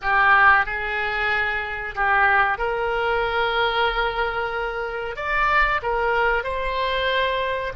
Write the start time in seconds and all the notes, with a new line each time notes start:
0.01 G4
0.65 G#4
1.95 G4
2.57 A#4
5.16 D5
5.82 A#4
6.43 C5